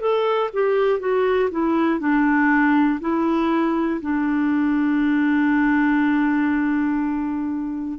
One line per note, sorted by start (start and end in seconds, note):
0.00 0.50 A4
0.53 1.00 G4
1.00 1.50 F#4
1.50 2.00 E4
2.00 3.00 D4
3.00 4.00 E4
4.01 7.99 D4